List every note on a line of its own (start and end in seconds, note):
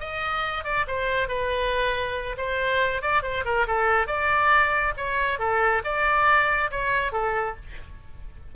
0.00 0.64 D#5
0.64 0.86 D5
0.88 1.28 C5
1.28 2.36 B4
2.37 3.02 C5
3.02 3.23 D5
3.23 3.44 C5
3.45 3.67 A#4
3.67 4.07 A4
4.07 4.93 D5
4.97 5.39 C#5
5.39 5.82 A4
5.84 6.71 D5
6.71 7.12 C#5
7.12 7.56 A4